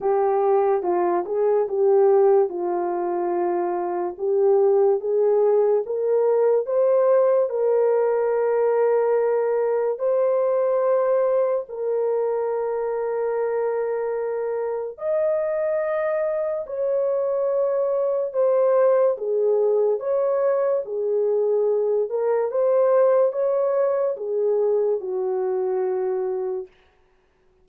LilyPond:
\new Staff \with { instrumentName = "horn" } { \time 4/4 \tempo 4 = 72 g'4 f'8 gis'8 g'4 f'4~ | f'4 g'4 gis'4 ais'4 | c''4 ais'2. | c''2 ais'2~ |
ais'2 dis''2 | cis''2 c''4 gis'4 | cis''4 gis'4. ais'8 c''4 | cis''4 gis'4 fis'2 | }